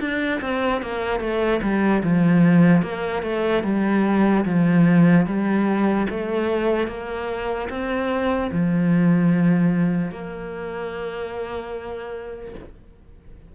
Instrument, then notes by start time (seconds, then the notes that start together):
cello
0.00 D4
0.41 C4
0.82 A#3
1.20 A3
1.62 G3
2.03 F3
2.82 A#3
3.23 A3
3.63 G3
4.45 F3
5.26 G3
6.10 A3
6.88 A#3
7.70 C4
8.52 F3
10.11 A#3